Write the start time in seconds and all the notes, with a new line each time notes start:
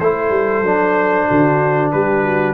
0.00 A3 E4 A4 C5
0.30 G3
0.62 F#3 D4
1.28 D3 F#4
1.92 G3 G4 B4
2.23 F#4